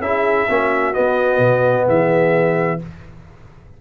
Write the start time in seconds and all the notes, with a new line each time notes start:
0.00 C#4 E4 G#4 E5
0.48 A#3 C#4 F#4
0.93 B3 D#5
1.38 B2
1.87 E3 G#4 E5